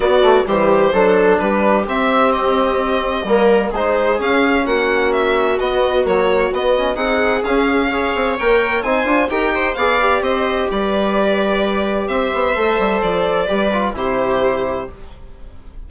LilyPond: <<
  \new Staff \with { instrumentName = "violin" } { \time 4/4 \tempo 4 = 129 d''4 c''2 b'4 | e''4 dis''2. | c''4 f''4 fis''4 e''4 | dis''4 cis''4 dis''4 fis''4 |
f''2 g''4 gis''4 | g''4 f''4 dis''4 d''4~ | d''2 e''2 | d''2 c''2 | }
  \new Staff \with { instrumentName = "viola" } { \time 4/4 fis'4 g'4 a'4 g'4~ | g'2. ais'4 | gis'2 fis'2~ | fis'2. gis'4~ |
gis'4 cis''2 c''4 | ais'8 c''8 d''4 c''4 b'4~ | b'2 c''2~ | c''4 b'4 g'2 | }
  \new Staff \with { instrumentName = "trombone" } { \time 4/4 b8 a8 g4 d'2 | c'2. ais4 | dis'4 cis'2. | b4 fis4 b8 cis'8 dis'4 |
cis'4 gis'4 ais'4 dis'8 f'8 | g'4 gis'8 g'2~ g'8~ | g'2. a'4~ | a'4 g'8 f'8 e'2 | }
  \new Staff \with { instrumentName = "bassoon" } { \time 4/4 b4 e4 fis4 g4 | c'2. g4 | gis4 cis'4 ais2 | b4 ais4 b4 c'4 |
cis'4. c'8 ais4 c'8 d'8 | dis'4 b4 c'4 g4~ | g2 c'8 b8 a8 g8 | f4 g4 c2 | }
>>